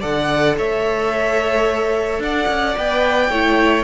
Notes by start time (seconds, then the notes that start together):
0.00 D3 A4 D5 F#5
0.57 A3 C#5 E5
2.19 D4 D5 F#5
2.48 C#4
2.76 B3 B4 G5
3.29 A3 E4 C#5